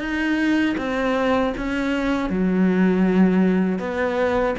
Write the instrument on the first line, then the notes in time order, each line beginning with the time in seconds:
cello
0.00 D#4
0.78 C4
1.57 C#4
2.30 F#3
3.79 B3